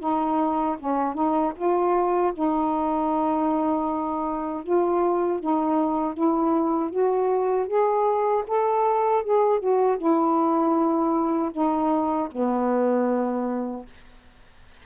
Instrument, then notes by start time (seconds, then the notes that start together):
saxophone
0.00 D#4
0.79 C#4
1.14 D#4
1.56 F4
2.34 D#4
4.64 F4
5.40 D#4
6.14 E4
6.91 F#4
7.67 G#4
8.48 A4
9.24 G#4
9.60 F#4
9.98 E4
11.52 D#4
12.32 B3